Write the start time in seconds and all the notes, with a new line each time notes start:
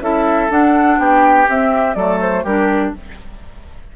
0.00 C#4 E4 A4 E5
0.49 D4 F#5
0.97 B3 G4 G5
1.48 C4 E5
1.94 F#3 A3 A4 D5
2.21 C5
2.43 G3 D4 G4 A#4